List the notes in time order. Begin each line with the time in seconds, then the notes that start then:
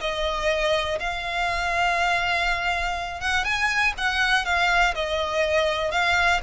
0.00 D#5
0.99 F5
3.21 F#5
3.44 G#5
3.97 F#5
4.45 F5
4.94 D#5
5.91 F5